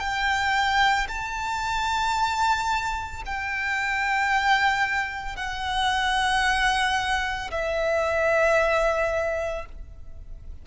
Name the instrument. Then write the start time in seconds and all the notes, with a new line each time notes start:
violin
0.00 G5
1.09 A5
3.26 G5
5.37 F#5
7.51 E5